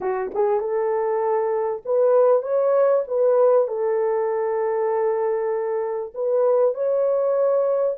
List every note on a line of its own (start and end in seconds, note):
0.00 0.31 F#4
0.34 0.60 G#4
0.60 1.82 A4
1.85 2.42 B4
2.42 3.03 C#5
3.07 3.67 B4
3.67 6.12 A4
6.14 6.74 B4
6.74 7.96 C#5